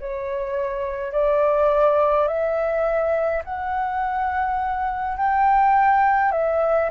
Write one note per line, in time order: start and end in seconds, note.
0.00 1.12 C#5
1.12 2.28 D5
2.28 3.43 E5
3.45 5.17 F#5
5.17 6.32 G5
6.32 6.90 E5